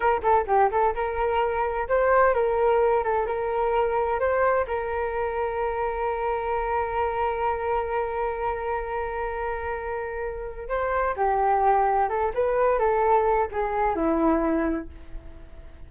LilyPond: \new Staff \with { instrumentName = "flute" } { \time 4/4 \tempo 4 = 129 ais'8 a'8 g'8 a'8 ais'2 | c''4 ais'4. a'8 ais'4~ | ais'4 c''4 ais'2~ | ais'1~ |
ais'1~ | ais'2. c''4 | g'2 a'8 b'4 a'8~ | a'4 gis'4 e'2 | }